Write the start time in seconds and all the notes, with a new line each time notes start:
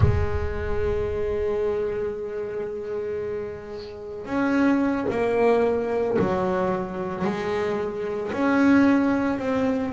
0.00 G#3
4.25 C#4
5.10 A#3
6.19 F#3
7.24 G#3
8.32 C#4
9.38 C4